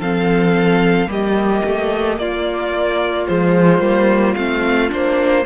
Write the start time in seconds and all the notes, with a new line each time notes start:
0.00 F3 C4 A4 F5
1.07 G3 A#3 G4 D#5
1.65 A3
2.19 A#3 F4 D5
3.27 F3 G#3 C5
3.80 G3 A#3
4.35 A3 C4 F5
4.89 A#3 D4 C5